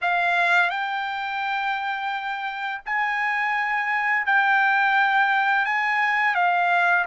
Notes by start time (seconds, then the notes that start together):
0.01 F5
0.70 G5
2.85 G#5
4.25 G5
5.65 G#5
6.34 F5